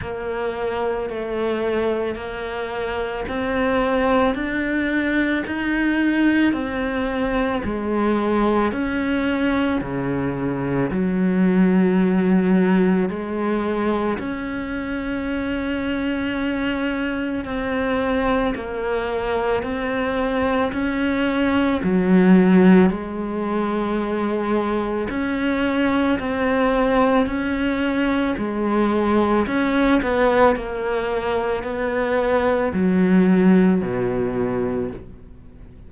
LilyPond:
\new Staff \with { instrumentName = "cello" } { \time 4/4 \tempo 4 = 55 ais4 a4 ais4 c'4 | d'4 dis'4 c'4 gis4 | cis'4 cis4 fis2 | gis4 cis'2. |
c'4 ais4 c'4 cis'4 | fis4 gis2 cis'4 | c'4 cis'4 gis4 cis'8 b8 | ais4 b4 fis4 b,4 | }